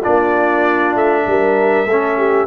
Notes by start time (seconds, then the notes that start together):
0.00 A#3 D4 F4 D5
0.95 A3 E5
1.27 G3 A#4
1.85 A3 C#4 A4
2.17 G4